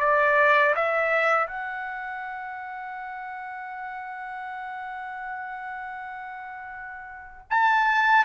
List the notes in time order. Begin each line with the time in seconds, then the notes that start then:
0.00 D5
0.76 E5
1.47 F#5
7.51 A5